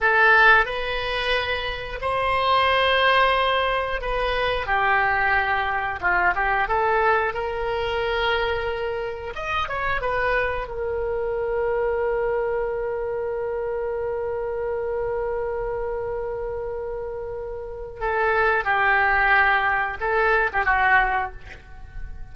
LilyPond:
\new Staff \with { instrumentName = "oboe" } { \time 4/4 \tempo 4 = 90 a'4 b'2 c''4~ | c''2 b'4 g'4~ | g'4 f'8 g'8 a'4 ais'4~ | ais'2 dis''8 cis''8 b'4 |
ais'1~ | ais'1~ | ais'2. a'4 | g'2 a'8. g'16 fis'4 | }